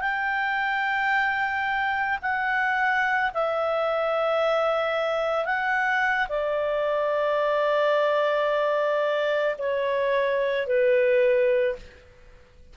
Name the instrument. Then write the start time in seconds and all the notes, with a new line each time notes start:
clarinet
0.00 G5
2.22 F#5
3.34 E5
5.45 F#5
6.29 D5
9.58 C#5
10.67 B4